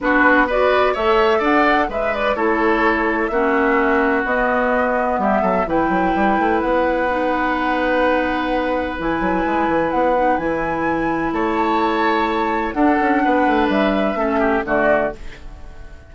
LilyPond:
<<
  \new Staff \with { instrumentName = "flute" } { \time 4/4 \tempo 4 = 127 b'4 d''4 e''4 fis''4 | e''8 d''8 cis''2 e''4~ | e''4 dis''2 e''4 | g''2 fis''2~ |
fis''2. gis''4~ | gis''4 fis''4 gis''2 | a''2. fis''4~ | fis''4 e''2 d''4 | }
  \new Staff \with { instrumentName = "oboe" } { \time 4/4 fis'4 b'4 cis''4 d''4 | b'4 a'2 fis'4~ | fis'2. g'8 a'8 | b'1~ |
b'1~ | b'1 | cis''2. a'4 | b'2 a'8 g'8 fis'4 | }
  \new Staff \with { instrumentName = "clarinet" } { \time 4/4 d'4 fis'4 a'2 | b'4 e'2 cis'4~ | cis'4 b2. | e'2. dis'4~ |
dis'2. e'4~ | e'4. dis'8 e'2~ | e'2. d'4~ | d'2 cis'4 a4 | }
  \new Staff \with { instrumentName = "bassoon" } { \time 4/4 b2 a4 d'4 | gis4 a2 ais4~ | ais4 b2 g8 fis8 | e8 fis8 g8 a8 b2~ |
b2. e8 fis8 | gis8 e8 b4 e2 | a2. d'8 cis'8 | b8 a8 g4 a4 d4 | }
>>